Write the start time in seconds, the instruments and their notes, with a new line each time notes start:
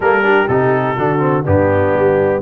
0.00 tuba G3, trombone A#3, horn A4, trumpet A#4
0.22 trombone D4, horn G4
0.47 tuba C3, trombone D#4, trumpet A4
0.96 tuba D3, trombone D4, horn F#4
1.19 trombone C4
1.43 tuba G2, trombone B3, horn D4, trumpet G4
1.94 tuba G3